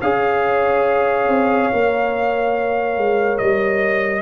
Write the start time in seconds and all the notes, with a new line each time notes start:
0.00 C#4 G#4 C#5 F5
1.28 C4
1.72 A#3 A#4
2.97 G#3
3.38 G3 D#5